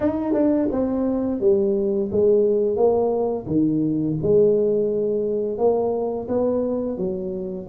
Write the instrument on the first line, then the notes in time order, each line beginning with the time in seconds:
tuba
0.00 D#4
0.33 D4
0.71 C4
1.40 G3
2.11 G#3
2.76 A#3
3.46 D#3
4.22 G#3
5.58 A#3
6.28 B3
6.97 F#3